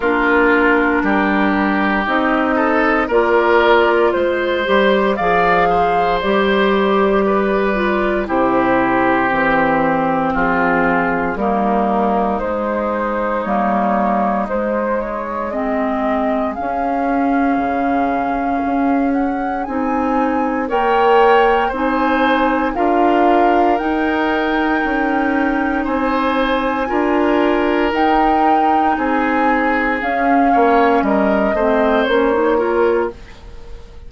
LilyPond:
<<
  \new Staff \with { instrumentName = "flute" } { \time 4/4 \tempo 4 = 58 ais'2 dis''4 d''4 | c''4 f''4 d''2 | c''2 gis'4 ais'4 | c''4 cis''4 c''8 cis''8 dis''4 |
f''2~ f''8 fis''8 gis''4 | g''4 gis''4 f''4 g''4~ | g''4 gis''2 g''4 | gis''4 f''4 dis''4 cis''4 | }
  \new Staff \with { instrumentName = "oboe" } { \time 4/4 f'4 g'4. a'8 ais'4 | c''4 d''8 c''4. b'4 | g'2 f'4 dis'4~ | dis'2. gis'4~ |
gis'1 | cis''4 c''4 ais'2~ | ais'4 c''4 ais'2 | gis'4. cis''8 ais'8 c''4 ais'8 | }
  \new Staff \with { instrumentName = "clarinet" } { \time 4/4 d'2 dis'4 f'4~ | f'8 g'8 gis'4 g'4. f'8 | e'4 c'2 ais4 | gis4 ais4 gis4 c'4 |
cis'2. dis'4 | ais'4 dis'4 f'4 dis'4~ | dis'2 f'4 dis'4~ | dis'4 cis'4. c'8 cis'16 dis'16 f'8 | }
  \new Staff \with { instrumentName = "bassoon" } { \time 4/4 ais4 g4 c'4 ais4 | gis8 g8 f4 g2 | c4 e4 f4 g4 | gis4 g4 gis2 |
cis'4 cis4 cis'4 c'4 | ais4 c'4 d'4 dis'4 | cis'4 c'4 d'4 dis'4 | c'4 cis'8 ais8 g8 a8 ais4 | }
>>